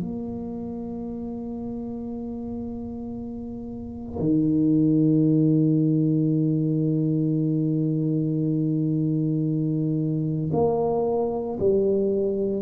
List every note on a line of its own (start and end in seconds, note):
0.00 4.19 A#3
4.19 10.51 D#3
10.53 11.58 A#3
11.60 12.62 G3